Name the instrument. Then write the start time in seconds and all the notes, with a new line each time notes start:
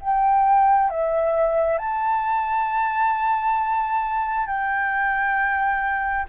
flute
0.00 G5
0.89 E5
1.78 A5
4.46 G5